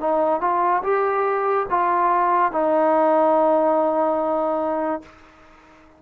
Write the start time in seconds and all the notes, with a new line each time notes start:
0.00 D#4
0.40 F4
0.83 G4
1.69 F4
2.52 D#4